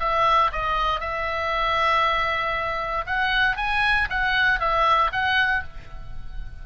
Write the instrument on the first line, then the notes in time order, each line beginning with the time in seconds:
oboe
0.00 E5
0.52 D#5
1.00 E5
3.07 F#5
3.57 G#5
4.10 F#5
4.60 E5
5.13 F#5